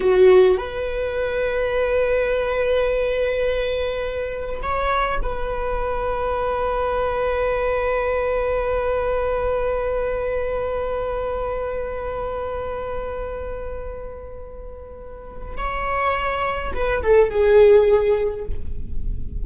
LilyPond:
\new Staff \with { instrumentName = "viola" } { \time 4/4 \tempo 4 = 104 fis'4 b'2.~ | b'1 | cis''4 b'2.~ | b'1~ |
b'1~ | b'1~ | b'2. cis''4~ | cis''4 b'8 a'8 gis'2 | }